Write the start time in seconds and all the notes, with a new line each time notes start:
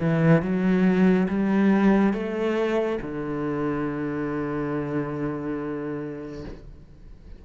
0.00 E3
0.42 F#3
1.29 G3
2.14 A3
3.02 D3